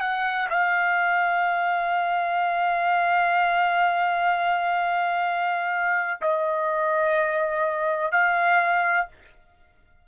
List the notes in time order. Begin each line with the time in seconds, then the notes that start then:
0.00 F#5
0.50 F5
6.21 D#5
8.12 F5